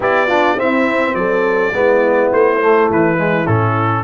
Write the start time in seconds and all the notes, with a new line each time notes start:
0.00 B3 E4 G4 D5
0.27 D4 F4
0.56 C4 E4 E5
1.14 F#3 A4 D5
1.72 G#3 B3 E4
2.32 A3 C5
2.60 A3
2.90 E3 B4
3.17 G#3
3.46 A2 C#4 A4